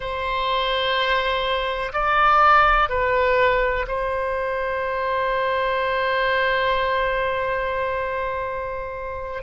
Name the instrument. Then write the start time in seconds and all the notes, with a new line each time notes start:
oboe
0.00 C5
1.92 D5
2.89 B4
3.87 C5